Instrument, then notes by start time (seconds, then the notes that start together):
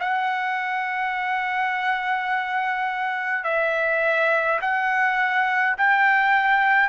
trumpet
0.00 F#5
3.44 E5
4.61 F#5
5.78 G5